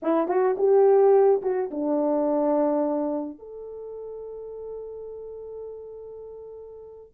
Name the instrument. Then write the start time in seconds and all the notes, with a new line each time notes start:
horn
0.02 E4
0.28 F#4
0.57 G4
1.42 F#4
1.70 D4
3.38 A4